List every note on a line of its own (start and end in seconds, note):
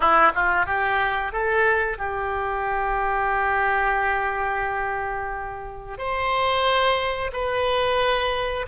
0.00 0.32 E4
0.35 0.66 F4
0.66 1.32 G4
1.32 1.98 A4
1.98 5.98 G4
5.98 7.31 C5
7.32 8.66 B4